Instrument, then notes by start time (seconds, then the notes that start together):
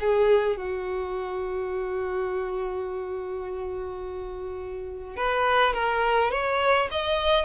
violin
0.00 G#4
0.57 F#4
5.16 B4
5.74 A#4
6.31 C#5
6.91 D#5